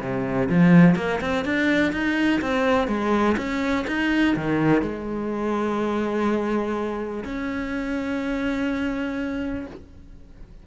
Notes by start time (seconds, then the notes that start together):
0.00 C3
0.49 F3
0.95 A#3
1.20 C4
1.44 D4
1.92 D#4
2.41 C4
2.87 G#3
3.37 C#4
3.87 D#4
4.35 D#3
4.81 G#3
7.24 C#4